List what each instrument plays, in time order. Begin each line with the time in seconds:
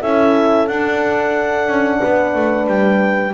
0.00 double bass C#4, horn E4 A4, clarinet E5
0.67 double bass D4, horn D4, clarinet F#5
1.67 double bass C#4
1.99 double bass B3, horn B4
2.35 double bass A3
2.67 double bass G3, clarinet G5